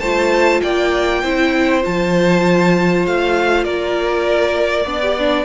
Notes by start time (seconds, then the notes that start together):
0.00 A3 F4 C5 A5
0.61 A#3 D5 G5
1.22 C4 E4 C5
1.81 F3 F4 A5
3.06 A3 F5
3.64 A#3 A#4 D5
4.85 B3 D4 D5
5.02 G4
5.18 D4